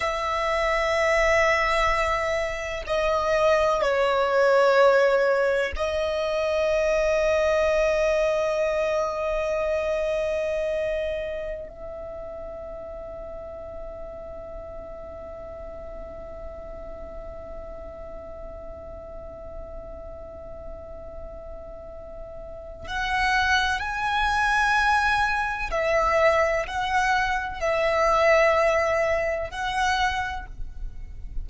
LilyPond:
\new Staff \with { instrumentName = "violin" } { \time 4/4 \tempo 4 = 63 e''2. dis''4 | cis''2 dis''2~ | dis''1~ | dis''16 e''2.~ e''8.~ |
e''1~ | e''1 | fis''4 gis''2 e''4 | fis''4 e''2 fis''4 | }